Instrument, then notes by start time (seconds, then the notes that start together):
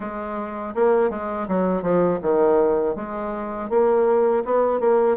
bassoon
0.00 G#3
0.74 A#3
1.09 G#3
1.48 F#3
1.82 F3
2.22 D#3
2.95 G#3
3.69 A#3
4.44 B3
4.79 A#3